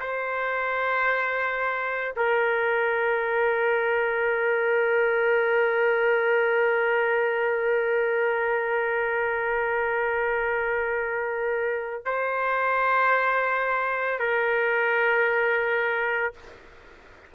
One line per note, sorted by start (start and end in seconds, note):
0.00 2.14 C5
2.16 12.05 A#4
12.05 14.19 C5
14.19 16.33 A#4